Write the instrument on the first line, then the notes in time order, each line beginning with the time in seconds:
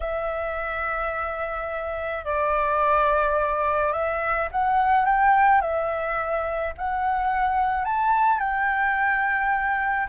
flute
0.00 E5
2.24 D5
3.92 E5
4.51 F#5
5.05 G5
5.61 E5
6.77 F#5
7.84 A5
8.39 G5